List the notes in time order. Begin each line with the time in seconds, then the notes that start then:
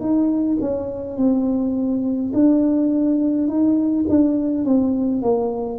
0.00 D#4
0.61 C#4
1.16 C4
2.33 D4
3.47 D#4
4.09 D4
4.64 C4
5.22 A#3